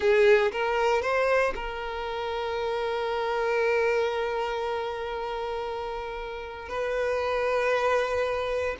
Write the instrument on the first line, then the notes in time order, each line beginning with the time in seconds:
violin
0.00 G#4
0.52 A#4
1.01 C5
1.55 A#4
6.69 B4